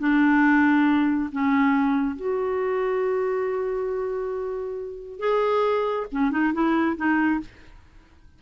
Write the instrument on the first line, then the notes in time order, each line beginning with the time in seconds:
clarinet
0.00 D4
1.32 C#4
2.16 F#4
5.20 G#4
6.12 C#4
6.31 D#4
6.54 E4
6.97 D#4